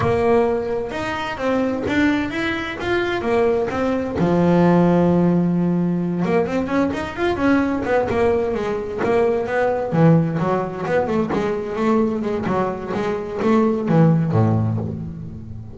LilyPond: \new Staff \with { instrumentName = "double bass" } { \time 4/4 \tempo 4 = 130 ais2 dis'4 c'4 | d'4 e'4 f'4 ais4 | c'4 f2.~ | f4. ais8 c'8 cis'8 dis'8 f'8 |
cis'4 b8 ais4 gis4 ais8~ | ais8 b4 e4 fis4 b8 | a8 gis4 a4 gis8 fis4 | gis4 a4 e4 a,4 | }